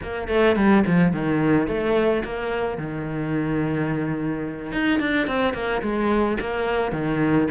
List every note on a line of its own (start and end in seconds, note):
0.02 0.28 A#3
0.28 0.56 A3
0.56 0.83 G3
0.86 1.12 F3
1.12 1.67 D#3
1.67 2.23 A3
2.24 2.77 A#3
2.77 4.71 D#3
4.71 4.99 D#4
4.99 5.27 D4
5.27 5.53 C4
5.53 5.81 A#3
5.82 6.37 G#3
6.40 6.92 A#3
6.92 7.47 D#3